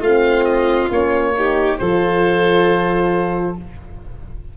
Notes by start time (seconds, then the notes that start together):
0.00 A3 C4 F4 F5
0.44 D#5
0.89 A#3 C#4 C#5
1.36 D#4 G4
1.77 F3 F4 A4 C5